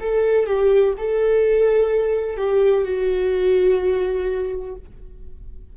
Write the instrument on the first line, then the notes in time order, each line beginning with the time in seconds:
viola
0.00 A4
0.46 G4
0.97 A4
2.37 G4
2.84 F#4